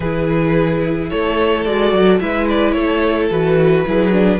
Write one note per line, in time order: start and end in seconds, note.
0.00 1.10 E3
0.00 1.67 E4
0.00 1.10 G#4
0.00 1.09 B4
1.09 1.66 A3
1.09 2.20 A4
1.09 1.64 C#5
1.64 1.92 G#3
1.64 2.21 F#4
1.64 2.19 D5
1.92 2.20 F#3
2.20 2.75 G#3
2.20 3.31 E4
2.20 2.74 B4
2.20 2.47 E5
2.49 2.72 D5
2.72 3.30 A3
2.72 3.84 A4
2.72 3.27 C#5
3.30 3.85 E3
3.30 3.86 F#4
3.30 4.39 B4
3.86 4.39 F#3
3.86 4.12 E4
3.86 4.39 G#4
4.12 4.39 D4